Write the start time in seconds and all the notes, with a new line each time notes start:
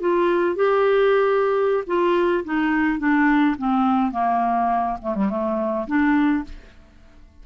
0.00 F4
0.56 G4
1.87 F4
2.44 D#4
2.99 D4
3.58 C4
4.12 A#3
5.02 A3
5.15 G3
5.29 A3
5.87 D4